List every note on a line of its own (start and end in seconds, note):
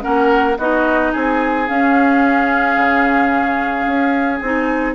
0.00 0.58 A#3
0.00 0.55 C#4
0.00 0.58 A#4
0.00 0.57 F#5
0.58 1.12 B3
0.58 1.67 D#4
0.58 1.12 F#4
0.58 1.13 D#5
1.12 1.69 C4
1.12 4.94 G#4
1.12 1.68 G#5
1.67 4.40 C#4
1.67 2.77 C#4
1.67 4.40 F5
2.77 3.86 C#3
3.86 4.41 C#4
4.40 4.95 C4
4.40 4.95 D#4
4.40 4.94 G#5